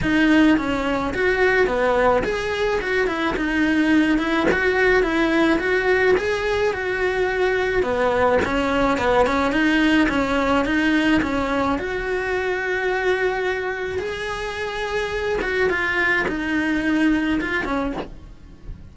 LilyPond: \new Staff \with { instrumentName = "cello" } { \time 4/4 \tempo 4 = 107 dis'4 cis'4 fis'4 b4 | gis'4 fis'8 e'8 dis'4. e'8 | fis'4 e'4 fis'4 gis'4 | fis'2 b4 cis'4 |
b8 cis'8 dis'4 cis'4 dis'4 | cis'4 fis'2.~ | fis'4 gis'2~ gis'8 fis'8 | f'4 dis'2 f'8 cis'8 | }